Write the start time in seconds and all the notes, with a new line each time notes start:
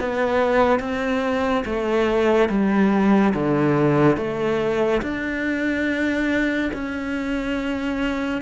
0.00 B3
0.80 C4
1.66 A3
2.49 G3
3.34 D3
4.17 A3
5.02 D4
6.74 C#4